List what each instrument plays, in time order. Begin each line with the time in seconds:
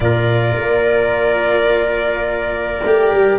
0.00 tuba A#2, cello F4, trumpet A#4, violin D5
0.56 tuba A#3
2.84 tuba A3, cello G4
3.12 tuba G3